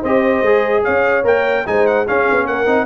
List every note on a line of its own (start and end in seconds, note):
0.00 0.41 C4
0.00 0.45 G4
0.00 0.81 C5
0.00 0.84 D#5
0.41 0.82 G#3
0.41 1.23 G#4
0.83 1.23 C#4
0.83 1.64 C#5
0.83 1.24 F5
1.23 1.64 A#3
1.23 1.64 A#4
1.23 1.66 G5
1.65 2.07 G#3
1.65 2.06 D#4
1.65 2.07 C5
1.65 1.86 G#5
1.86 2.06 F#5
2.07 2.66 C#4
2.07 2.28 C#4
2.07 2.47 G#4
2.07 2.47 F5
2.30 2.46 B3
2.46 2.66 A#3
2.46 2.85 A#4
2.46 2.85 F#5
2.66 2.85 C4
2.66 2.85 D#4